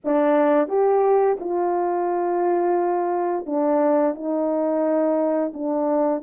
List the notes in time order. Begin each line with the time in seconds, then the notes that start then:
0.04 D4
0.68 G4
1.40 F4
3.45 D4
4.14 D#4
5.53 D4